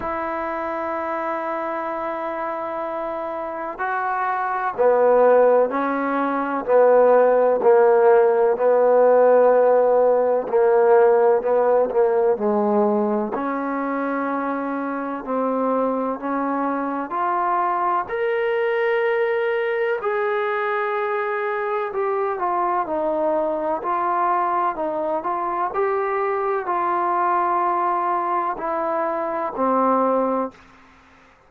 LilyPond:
\new Staff \with { instrumentName = "trombone" } { \time 4/4 \tempo 4 = 63 e'1 | fis'4 b4 cis'4 b4 | ais4 b2 ais4 | b8 ais8 gis4 cis'2 |
c'4 cis'4 f'4 ais'4~ | ais'4 gis'2 g'8 f'8 | dis'4 f'4 dis'8 f'8 g'4 | f'2 e'4 c'4 | }